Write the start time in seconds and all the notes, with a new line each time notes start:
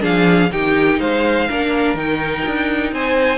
0.00 F3 D4 G#4 F5
0.51 D#3 D#4 G4 G5
0.99 G#3 C5 F5
1.48 A#3 D4 A#4
1.94 D#3 D#4 G5
2.46 D4
2.92 C4 C5 G#5